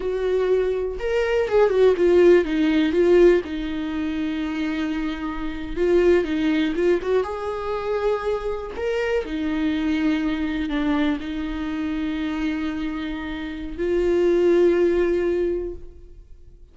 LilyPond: \new Staff \with { instrumentName = "viola" } { \time 4/4 \tempo 4 = 122 fis'2 ais'4 gis'8 fis'8 | f'4 dis'4 f'4 dis'4~ | dis'2.~ dis'8. f'16~ | f'8. dis'4 f'8 fis'8 gis'4~ gis'16~ |
gis'4.~ gis'16 ais'4 dis'4~ dis'16~ | dis'4.~ dis'16 d'4 dis'4~ dis'16~ | dis'1 | f'1 | }